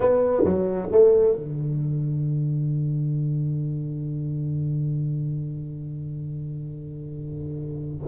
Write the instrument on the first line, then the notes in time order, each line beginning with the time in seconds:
tuba
0.00 B3
0.44 F#3
0.91 A3
1.36 D3